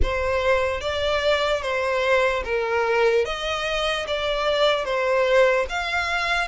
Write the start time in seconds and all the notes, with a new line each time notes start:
0.02 C5
0.81 D5
1.62 C5
2.44 A#4
3.25 D#5
4.07 D5
4.84 C5
5.69 F5